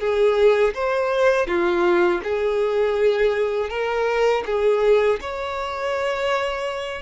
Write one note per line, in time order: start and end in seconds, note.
0.00 0.74 G#4
0.74 1.47 C5
1.47 2.21 F4
2.24 3.70 G#4
3.70 4.44 A#4
4.46 5.20 G#4
5.21 7.02 C#5